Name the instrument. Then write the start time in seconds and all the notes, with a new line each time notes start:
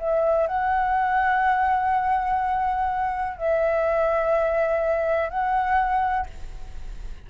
flute
0.00 E5
0.48 F#5
3.38 E5
5.30 F#5